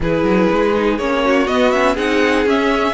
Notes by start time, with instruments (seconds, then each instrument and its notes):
0.00 cello E3, viola E4, violin G#4 B4
0.23 cello F#3
0.51 cello G#3
0.74 viola D#4
0.98 cello A#3, viola C#4, violin C#5
1.24 violin F#4
1.46 viola B3, cello B3, violin D#5
1.70 viola C#4, violin E5
1.94 cello C4, viola D#4, violin G#4 F#5
2.45 cello C#4, viola C#4, violin E5